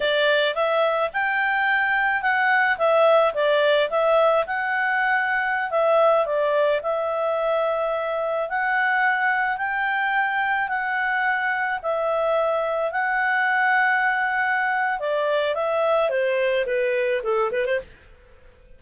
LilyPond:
\new Staff \with { instrumentName = "clarinet" } { \time 4/4 \tempo 4 = 108 d''4 e''4 g''2 | fis''4 e''4 d''4 e''4 | fis''2~ fis''16 e''4 d''8.~ | d''16 e''2. fis''8.~ |
fis''4~ fis''16 g''2 fis''8.~ | fis''4~ fis''16 e''2 fis''8.~ | fis''2. d''4 | e''4 c''4 b'4 a'8 b'16 c''16 | }